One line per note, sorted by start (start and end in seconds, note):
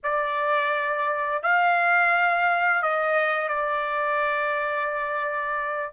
0.03 1.42 D5
1.43 2.82 F5
2.82 3.48 D#5
3.48 5.92 D5